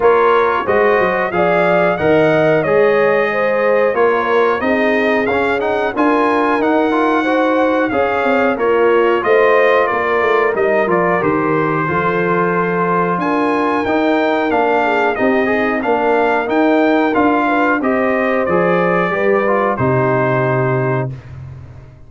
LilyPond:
<<
  \new Staff \with { instrumentName = "trumpet" } { \time 4/4 \tempo 4 = 91 cis''4 dis''4 f''4 fis''4 | dis''2 cis''4 dis''4 | f''8 fis''8 gis''4 fis''2 | f''4 cis''4 dis''4 d''4 |
dis''8 d''8 c''2. | gis''4 g''4 f''4 dis''4 | f''4 g''4 f''4 dis''4 | d''2 c''2 | }
  \new Staff \with { instrumentName = "horn" } { \time 4/4 ais'4 c''4 d''4 dis''4 | cis''4 c''4 ais'4 gis'4~ | gis'4 ais'2 c''4 | cis''4 f'4 c''4 ais'4~ |
ais'2 a'2 | ais'2~ ais'8 gis'8 g'8 dis'8 | ais'2~ ais'8 b'8 c''4~ | c''4 b'4 g'2 | }
  \new Staff \with { instrumentName = "trombone" } { \time 4/4 f'4 fis'4 gis'4 ais'4 | gis'2 f'4 dis'4 | cis'8 dis'8 f'4 dis'8 f'8 fis'4 | gis'4 ais'4 f'2 |
dis'8 f'8 g'4 f'2~ | f'4 dis'4 d'4 dis'8 gis'8 | d'4 dis'4 f'4 g'4 | gis'4 g'8 f'8 dis'2 | }
  \new Staff \with { instrumentName = "tuba" } { \time 4/4 ais4 gis8 fis8 f4 dis4 | gis2 ais4 c'4 | cis'4 d'4 dis'2 | cis'8 c'8 ais4 a4 ais8 a8 |
g8 f8 dis4 f2 | d'4 dis'4 ais4 c'4 | ais4 dis'4 d'4 c'4 | f4 g4 c2 | }
>>